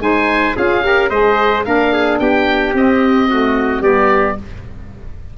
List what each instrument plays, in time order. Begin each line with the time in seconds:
0.00 tuba G#3, saxophone D#4, trumpet C5, oboe G#5
0.56 tuba C#4, saxophone F4, trumpet G#4, oboe F5
0.83 saxophone G4, trumpet A#4
1.10 tuba G#3, saxophone G#4, trumpet C5, oboe D#5
1.65 tuba A#3, saxophone D4, trumpet A#4, oboe F5
1.93 trumpet G#4
2.19 tuba B3, trumpet G4, oboe G5
2.74 tuba C4, saxophone C4, oboe D#5
3.29 saxophone A3, trumpet F#4
3.81 tuba G3, saxophone B3, trumpet G4, oboe D5